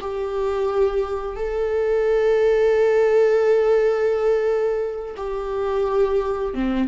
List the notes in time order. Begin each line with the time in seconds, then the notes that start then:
0.00 G4
1.36 A4
5.16 G4
6.54 C4